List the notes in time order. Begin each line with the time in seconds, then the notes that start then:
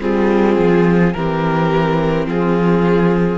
0.00 G3 C4 F4 G#4
0.58 F3
1.13 E3 C4 G4 A#4
2.26 F3 F4 G#4